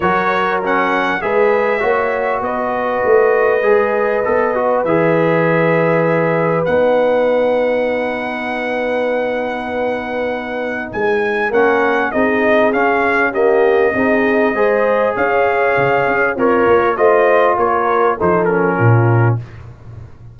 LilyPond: <<
  \new Staff \with { instrumentName = "trumpet" } { \time 4/4 \tempo 4 = 99 cis''4 fis''4 e''2 | dis''1 | e''2. fis''4~ | fis''1~ |
fis''2 gis''4 fis''4 | dis''4 f''4 dis''2~ | dis''4 f''2 cis''4 | dis''4 cis''4 c''8 ais'4. | }
  \new Staff \with { instrumentName = "horn" } { \time 4/4 ais'2 b'4 cis''4 | b'1~ | b'1~ | b'1~ |
b'2. ais'4 | gis'2 g'4 gis'4 | c''4 cis''2 f'4 | c''4 ais'4 a'4 f'4 | }
  \new Staff \with { instrumentName = "trombone" } { \time 4/4 fis'4 cis'4 gis'4 fis'4~ | fis'2 gis'4 a'8 fis'8 | gis'2. dis'4~ | dis'1~ |
dis'2. cis'4 | dis'4 cis'4 ais4 dis'4 | gis'2. ais'4 | f'2 dis'8 cis'4. | }
  \new Staff \with { instrumentName = "tuba" } { \time 4/4 fis2 gis4 ais4 | b4 a4 gis4 b4 | e2. b4~ | b1~ |
b2 gis4 ais4 | c'4 cis'2 c'4 | gis4 cis'4 cis8 cis'8 c'8 ais8 | a4 ais4 f4 ais,4 | }
>>